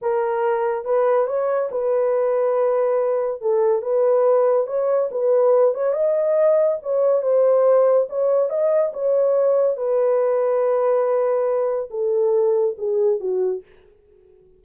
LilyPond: \new Staff \with { instrumentName = "horn" } { \time 4/4 \tempo 4 = 141 ais'2 b'4 cis''4 | b'1 | a'4 b'2 cis''4 | b'4. cis''8 dis''2 |
cis''4 c''2 cis''4 | dis''4 cis''2 b'4~ | b'1 | a'2 gis'4 fis'4 | }